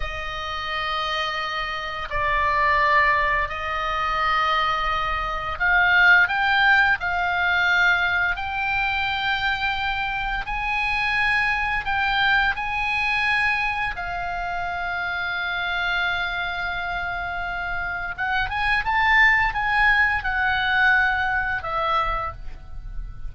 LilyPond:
\new Staff \with { instrumentName = "oboe" } { \time 4/4 \tempo 4 = 86 dis''2. d''4~ | d''4 dis''2. | f''4 g''4 f''2 | g''2. gis''4~ |
gis''4 g''4 gis''2 | f''1~ | f''2 fis''8 gis''8 a''4 | gis''4 fis''2 e''4 | }